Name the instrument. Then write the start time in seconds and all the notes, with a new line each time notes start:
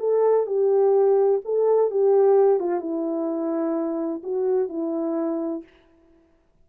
horn
0.00 A4
0.47 G4
1.45 A4
1.91 G4
2.60 F4
2.81 E4
4.24 F#4
4.69 E4